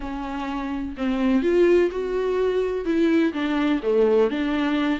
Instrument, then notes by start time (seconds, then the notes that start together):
viola
0.00 C#4
0.97 C4
1.42 F4
1.91 F#4
2.85 E4
3.33 D4
3.82 A3
4.30 D4